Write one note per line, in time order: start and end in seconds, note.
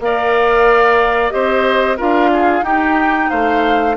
0.00 1.32 A#3
0.00 1.31 A#4
0.00 1.34 D5
0.00 1.31 F5
1.31 2.00 C4
1.31 1.97 G4
1.31 1.97 C5
1.31 1.97 D#5
1.97 2.62 D4
1.97 2.64 F4
1.97 2.30 A#4
1.97 2.64 F5
2.33 2.65 G#4
2.62 3.28 D#4
2.62 3.96 D#4
2.62 3.30 G4
2.62 3.30 G5
3.30 3.97 A3
3.30 3.96 C5
3.30 3.96 F5